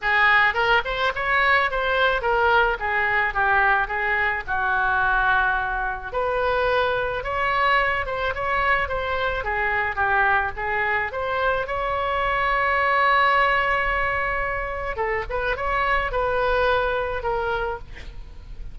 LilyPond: \new Staff \with { instrumentName = "oboe" } { \time 4/4 \tempo 4 = 108 gis'4 ais'8 c''8 cis''4 c''4 | ais'4 gis'4 g'4 gis'4 | fis'2. b'4~ | b'4 cis''4. c''8 cis''4 |
c''4 gis'4 g'4 gis'4 | c''4 cis''2.~ | cis''2. a'8 b'8 | cis''4 b'2 ais'4 | }